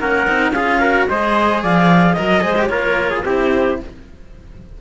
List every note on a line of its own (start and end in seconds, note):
0.00 0.27 A#3
0.00 0.27 C#4
0.00 0.54 A#4
0.00 0.52 F#5
0.27 0.52 C4
0.27 0.54 D#4
0.52 1.06 C#4
0.52 0.82 F4
0.52 0.81 G#4
0.52 1.07 F5
0.81 1.09 F#4
0.81 1.08 A#4
1.09 1.63 G#3
1.09 2.17 G#4
1.09 1.63 C5
1.09 1.63 D#5
1.63 2.17 F3
1.63 2.13 D5
1.63 2.17 F5
2.13 2.43 F#3
2.13 2.41 A#4
2.13 2.67 D#5
2.13 2.43 D#5
2.41 2.70 G#3
2.41 2.55 G#4
2.41 2.67 C5
2.58 2.70 G4
2.67 3.24 A#3
2.67 3.24 F4
2.67 3.10 A#4
2.67 3.21 C#5
3.10 3.24 G#4
3.24 3.78 C4
3.24 3.80 E4
3.24 3.80 G4
3.24 3.81 C5